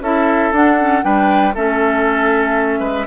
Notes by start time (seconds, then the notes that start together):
0.00 C#4 E4 A4 E5
0.52 D4 F#5
0.79 C#4
1.02 G3 D4 B4 G5
1.54 A3 C#4 A4 E5
2.79 G#3 B4